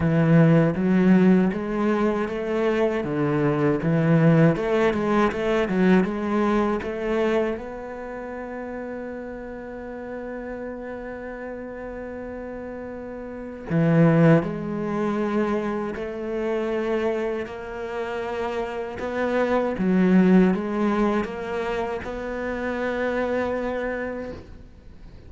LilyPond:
\new Staff \with { instrumentName = "cello" } { \time 4/4 \tempo 4 = 79 e4 fis4 gis4 a4 | d4 e4 a8 gis8 a8 fis8 | gis4 a4 b2~ | b1~ |
b2 e4 gis4~ | gis4 a2 ais4~ | ais4 b4 fis4 gis4 | ais4 b2. | }